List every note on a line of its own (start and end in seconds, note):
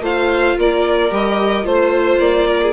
0.00 0.55 A3
0.00 1.10 F4
0.00 0.57 C5
0.00 0.59 F5
0.57 1.11 A#3
0.57 1.65 A#4
0.57 1.14 D5
1.10 1.65 G3
1.10 1.62 G4
1.10 1.66 D#5
1.62 2.19 A3
1.62 2.71 F4
1.62 2.47 C5
1.62 2.19 C5
2.19 2.73 A#3
2.19 2.73 D5
2.47 2.60 A#4
2.62 2.73 G#4